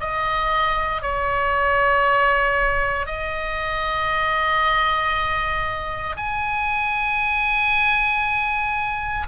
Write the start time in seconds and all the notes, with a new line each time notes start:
0.00 D#5
1.02 C#5
3.06 D#5
6.17 G#5